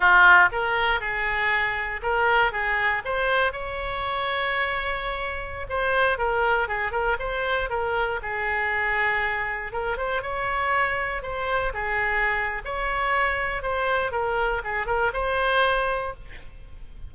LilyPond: \new Staff \with { instrumentName = "oboe" } { \time 4/4 \tempo 4 = 119 f'4 ais'4 gis'2 | ais'4 gis'4 c''4 cis''4~ | cis''2.~ cis''16 c''8.~ | c''16 ais'4 gis'8 ais'8 c''4 ais'8.~ |
ais'16 gis'2. ais'8 c''16~ | c''16 cis''2 c''4 gis'8.~ | gis'4 cis''2 c''4 | ais'4 gis'8 ais'8 c''2 | }